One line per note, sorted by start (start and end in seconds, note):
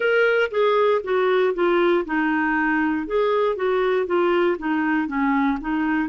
0.00 0.50 A#4
0.50 1.01 G#4
1.03 1.53 F#4
1.53 2.04 F4
2.05 3.06 D#4
3.06 3.56 G#4
3.56 4.06 F#4
4.06 4.57 F4
4.58 5.07 D#4
5.07 5.58 C#4
5.61 6.09 D#4